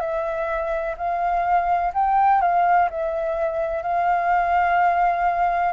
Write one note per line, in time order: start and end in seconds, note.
0.00 0.95 E5
0.97 1.93 F5
1.94 2.42 G5
2.42 2.89 F5
2.90 3.83 E5
3.83 5.73 F5